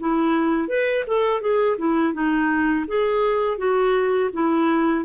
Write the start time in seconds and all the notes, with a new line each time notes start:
0.00 E4
0.69 B4
1.07 A4
1.41 G#4
1.78 E4
2.14 D#4
2.88 G#4
3.58 F#4
4.33 E4